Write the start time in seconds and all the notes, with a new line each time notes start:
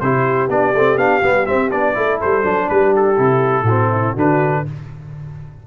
0.00 C3 E4 G4 C5
0.48 B3 D4 D5
0.74 A3 C4
0.97 B3 D4 F5
1.23 G3 B3
1.46 C4 E5
1.72 B3 D4 D5
1.95 A3 E4 A4
2.21 G3 C5
2.43 F#3 D4
2.68 G3 G4 B4
2.96 A4
3.16 C3 E4
3.63 A2 F#4
3.70 C4
3.91 E4
4.14 D3 D4 F#4 B4